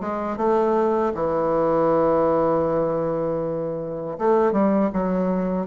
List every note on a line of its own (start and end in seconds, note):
0.00 0.37 G#3
0.37 1.13 A3
1.14 4.18 E3
4.18 4.52 A3
4.52 4.90 G3
4.93 5.67 F#3